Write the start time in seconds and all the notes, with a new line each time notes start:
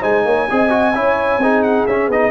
0.00 G#3 D#4 C5 G#5
0.25 A#3 C#5
0.50 C4 G#4 D#5
0.70 F#4
0.94 C#4 E4 C#5
1.38 C4 D#4 G#4
1.63 F#5
1.86 C#4 E5
2.08 B3 D#4 D#5